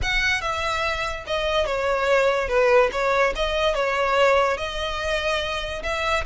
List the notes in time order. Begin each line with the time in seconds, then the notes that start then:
0.02 F#5
0.41 E5
1.26 D#5
1.66 C#5
2.48 B4
2.92 C#5
3.35 D#5
3.75 C#5
4.57 D#5
5.82 E5